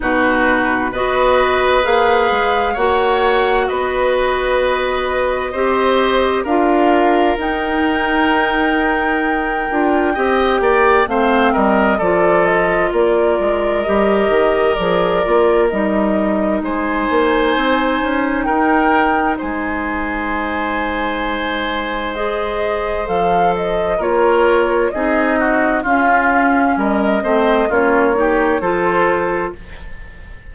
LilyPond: <<
  \new Staff \with { instrumentName = "flute" } { \time 4/4 \tempo 4 = 65 b'4 dis''4 f''4 fis''4 | dis''2. f''4 | g''1 | f''8 dis''8 d''8 dis''8 d''4 dis''4 |
d''4 dis''4 gis''2 | g''4 gis''2. | dis''4 f''8 dis''8 cis''4 dis''4 | f''4 dis''4 cis''4 c''4 | }
  \new Staff \with { instrumentName = "oboe" } { \time 4/4 fis'4 b'2 cis''4 | b'2 c''4 ais'4~ | ais'2. dis''8 d''8 | c''8 ais'8 a'4 ais'2~ |
ais'2 c''2 | ais'4 c''2.~ | c''2 ais'4 gis'8 fis'8 | f'4 ais'8 c''8 f'8 g'8 a'4 | }
  \new Staff \with { instrumentName = "clarinet" } { \time 4/4 dis'4 fis'4 gis'4 fis'4~ | fis'2 g'4 f'4 | dis'2~ dis'8 f'8 g'4 | c'4 f'2 g'4 |
gis'8 f'8 dis'2.~ | dis'1 | gis'4 a'4 f'4 dis'4 | cis'4. c'8 cis'8 dis'8 f'4 | }
  \new Staff \with { instrumentName = "bassoon" } { \time 4/4 b,4 b4 ais8 gis8 ais4 | b2 c'4 d'4 | dis'2~ dis'8 d'8 c'8 ais8 | a8 g8 f4 ais8 gis8 g8 dis8 |
f8 ais8 g4 gis8 ais8 c'8 cis'8 | dis'4 gis2.~ | gis4 f4 ais4 c'4 | cis'4 g8 a8 ais4 f4 | }
>>